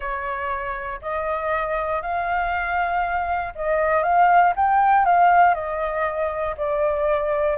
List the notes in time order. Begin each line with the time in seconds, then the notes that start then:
0.00 C#5
1.01 D#5
2.02 F5
3.55 D#5
4.03 F5
4.55 G5
5.05 F5
5.54 D#5
6.57 D5